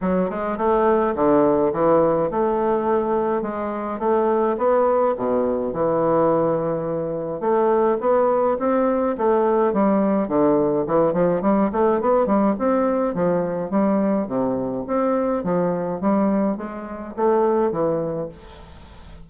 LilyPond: \new Staff \with { instrumentName = "bassoon" } { \time 4/4 \tempo 4 = 105 fis8 gis8 a4 d4 e4 | a2 gis4 a4 | b4 b,4 e2~ | e4 a4 b4 c'4 |
a4 g4 d4 e8 f8 | g8 a8 b8 g8 c'4 f4 | g4 c4 c'4 f4 | g4 gis4 a4 e4 | }